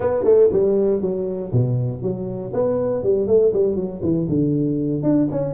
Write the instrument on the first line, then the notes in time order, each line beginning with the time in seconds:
tuba
0.00 B3
0.24 A3
0.52 G3
1.01 F#3
1.51 B2
2.02 F#3
2.53 B3
3.03 G3
3.27 A3
3.53 G3
3.75 F#3
4.02 E3
4.29 D3
5.02 D4
5.31 C#4